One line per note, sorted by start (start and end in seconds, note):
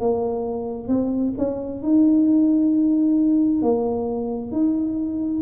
0.00 0.88 A#3
0.88 1.33 C4
1.38 1.82 C#4
1.82 3.62 D#4
3.62 4.52 A#3
4.52 5.42 D#4